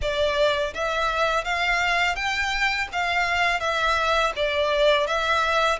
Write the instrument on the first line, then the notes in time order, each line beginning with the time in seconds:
violin
0.01 D5
0.74 E5
1.44 F5
2.15 G5
2.92 F5
3.59 E5
4.36 D5
5.06 E5